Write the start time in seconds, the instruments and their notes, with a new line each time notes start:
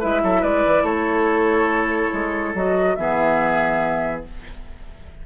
0.00 bassoon G#3, clarinet E4, oboe B4, flute E5
0.23 bassoon F#3, oboe A4
0.41 bassoon G#3, oboe B4, flute D5
0.66 bassoon E3
0.83 bassoon A3, oboe A4, flute C#5
2.13 bassoon G#3
2.54 bassoon F#3, clarinet F#4, flute D#5
2.96 bassoon E3, clarinet B3, oboe G#4, flute E5